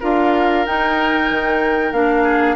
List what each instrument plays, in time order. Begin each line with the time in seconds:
0.00 bassoon D4, clarinet F4, oboe A#4, flute F5
0.67 bassoon D#4, clarinet D#4, flute G5
1.31 bassoon D#3
1.92 bassoon A#3, clarinet D4, flute F5
2.24 oboe G#4